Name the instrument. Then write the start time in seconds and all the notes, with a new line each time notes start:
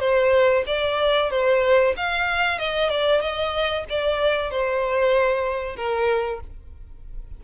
violin
0.00 C5
0.67 D5
1.31 C5
1.97 F5
2.59 D#5
2.90 D5
3.21 D#5
3.89 D5
4.51 C5
5.76 A#4